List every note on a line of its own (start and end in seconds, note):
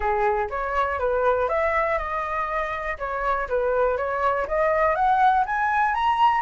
0.00 0.48 G#4
0.50 0.99 C#5
0.99 1.49 B4
1.49 1.98 E5
1.98 2.97 D#5
2.98 3.48 C#5
3.48 3.97 B4
3.97 4.46 C#5
4.47 4.95 D#5
4.95 5.44 F#5
5.46 5.94 G#5
5.94 6.41 A#5